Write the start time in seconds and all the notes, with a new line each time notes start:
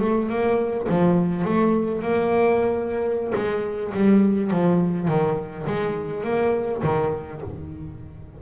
0.00 A3
0.29 A#3
0.89 F3
1.44 A3
2.02 A#3
3.34 G#3
3.93 G3
4.50 F3
5.07 D#3
5.66 G#3
6.24 A#3
6.83 D#3